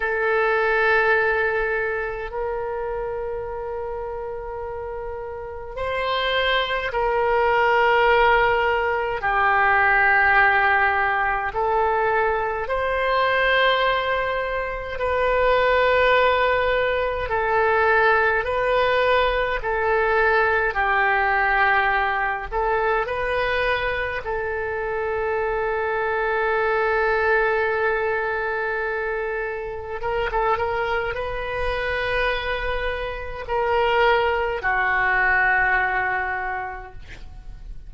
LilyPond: \new Staff \with { instrumentName = "oboe" } { \time 4/4 \tempo 4 = 52 a'2 ais'2~ | ais'4 c''4 ais'2 | g'2 a'4 c''4~ | c''4 b'2 a'4 |
b'4 a'4 g'4. a'8 | b'4 a'2.~ | a'2 ais'16 a'16 ais'8 b'4~ | b'4 ais'4 fis'2 | }